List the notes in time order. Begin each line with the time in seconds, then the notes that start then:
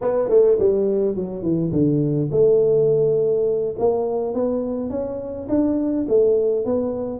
0.01 B3
0.29 A3
0.59 G3
1.15 F#3
1.42 E3
1.72 D3
2.31 A3
3.78 A#3
4.33 B3
4.89 C#4
5.48 D4
6.08 A3
6.65 B3